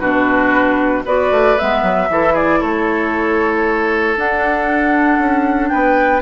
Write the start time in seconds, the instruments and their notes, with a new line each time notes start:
0.00 bassoon B2, clarinet D4, oboe F#4, flute B4
1.05 bassoon B3, clarinet F#4, oboe B4, flute D5
1.31 bassoon A3
1.59 bassoon G#3, clarinet B3, flute E5
1.83 bassoon F#3
2.10 bassoon E3, clarinet E4, oboe A4
2.34 oboe G#4, flute D5
2.60 bassoon A3, oboe A4, flute C#5
4.16 clarinet D4, bassoon D4, flute F#5
5.19 bassoon C#4
5.69 bassoon B3, oboe B4, flute G5